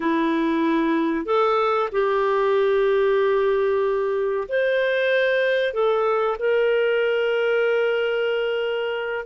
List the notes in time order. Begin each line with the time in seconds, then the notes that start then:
0.00 E4
1.25 A4
1.92 G4
4.48 C5
5.73 A4
6.38 A#4